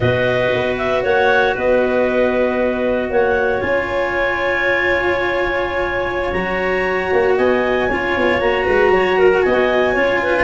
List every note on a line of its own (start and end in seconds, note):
0.00 0.51 B2
0.00 3.61 F#4
0.00 1.03 B4
0.00 0.76 D#5
0.53 1.04 B3
0.77 1.03 E5
1.03 1.56 A#3
1.03 1.54 C#5
1.03 1.56 F#5
1.55 3.09 B3
1.55 3.10 B4
1.55 3.12 D#5
3.09 3.61 A#3
3.09 7.37 C#5
3.09 3.61 F#5
3.61 6.33 C#4
3.61 6.32 F4
3.61 6.32 G#5
6.32 7.10 F#3
6.32 7.89 F#4
6.32 7.35 A#5
7.12 7.38 A#3
7.37 7.89 B3
7.37 7.88 D#5
7.37 8.40 G#5
7.88 8.16 C#4
7.88 8.41 F4
7.88 8.64 C#5
8.16 8.40 B3
8.40 8.66 A#3
8.40 9.96 F#4
8.40 9.41 A#5
8.64 8.89 G#3
8.64 8.90 B4
8.89 9.41 F#3
8.89 9.18 C#5
9.18 9.44 A#4
9.41 9.96 B3
9.41 9.93 D#5
9.41 10.43 G#5
9.93 10.43 C#4
9.93 10.43 F4
9.93 10.19 C#5
10.22 10.43 B4